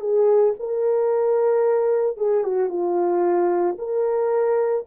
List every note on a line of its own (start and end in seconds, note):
0.00 0.54 G#4
0.59 2.17 A#4
2.17 2.44 G#4
2.44 2.69 F#4
2.69 3.76 F4
3.78 4.85 A#4